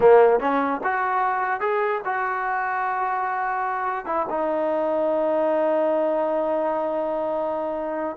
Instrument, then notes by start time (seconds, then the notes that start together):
trombone
0.00 A#3
0.40 C#4
0.83 F#4
1.60 G#4
2.05 F#4
4.05 E4
4.29 D#4